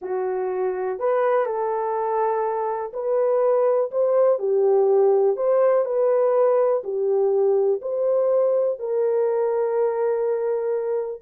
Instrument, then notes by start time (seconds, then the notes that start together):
horn
0.01 F#4
0.99 B4
1.46 A4
2.93 B4
3.91 C5
4.39 G4
5.36 C5
5.85 B4
6.83 G4
7.81 C5
8.79 A#4